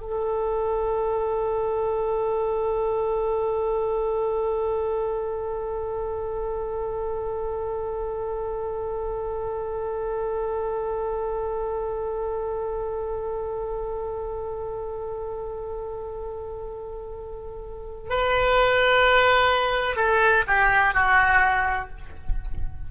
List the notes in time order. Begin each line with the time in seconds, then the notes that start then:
0.00 A4
18.09 B4
19.96 A4
20.47 G4
20.94 F#4